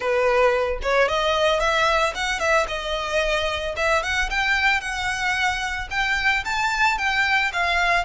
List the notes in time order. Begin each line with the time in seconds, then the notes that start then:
0.00 B4
0.82 C#5
1.08 D#5
1.59 E5
2.14 F#5
2.39 E5
2.68 D#5
3.76 E5
4.03 F#5
4.30 G5
4.80 F#5
5.90 G5
6.44 A5
6.98 G5
7.52 F5